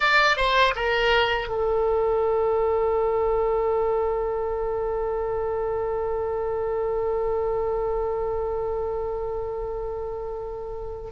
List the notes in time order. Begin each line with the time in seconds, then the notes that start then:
0.00 D5
0.36 C5
0.75 A#4
1.48 A4